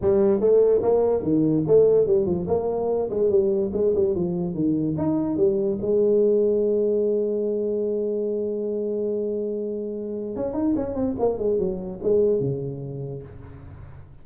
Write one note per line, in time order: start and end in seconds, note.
0.01 0.40 G3
0.40 0.81 A3
0.82 1.22 A#3
1.22 1.64 D#3
1.67 2.06 A3
2.06 2.26 G3
2.26 2.46 F3
2.47 3.09 A#3
3.09 3.30 G#3
3.30 3.71 G3
3.73 3.94 G#3
3.94 4.15 G3
4.15 4.54 F3
4.54 4.95 D#3
4.97 5.37 D#4
5.37 5.78 G3
5.81 10.36 G#3
10.36 10.53 C#4
10.53 10.74 D#4
10.76 10.94 C#4
10.94 11.15 C4
11.19 11.38 A#3
11.38 11.58 G#3
11.58 12.00 F#3
12.03 12.39 G#3
12.39 13.22 C#3